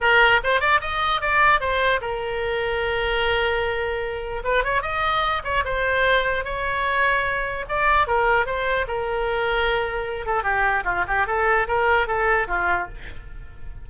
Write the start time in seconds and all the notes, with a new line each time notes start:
0.00 A#4
0.43 C5
0.60 D5
0.81 D#5
1.21 D5
1.60 C5
2.01 A#4
4.43 B4
4.64 C#5
4.82 D#5
5.43 C#5
5.64 C5
6.44 C#5
7.68 D5
8.07 A#4
8.45 C5
8.87 A#4
10.25 A4
10.43 G4
10.84 F4
11.07 G4
11.27 A4
11.67 A#4
12.07 A4
12.47 F4